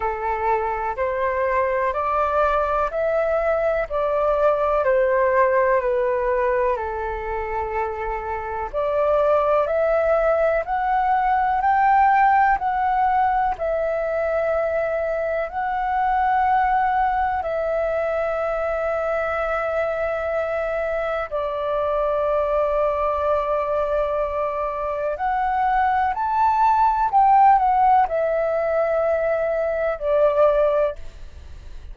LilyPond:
\new Staff \with { instrumentName = "flute" } { \time 4/4 \tempo 4 = 62 a'4 c''4 d''4 e''4 | d''4 c''4 b'4 a'4~ | a'4 d''4 e''4 fis''4 | g''4 fis''4 e''2 |
fis''2 e''2~ | e''2 d''2~ | d''2 fis''4 a''4 | g''8 fis''8 e''2 d''4 | }